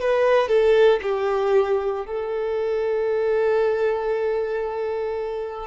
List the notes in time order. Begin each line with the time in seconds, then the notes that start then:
0.00 B4
0.47 A4
1.02 G4
2.05 A4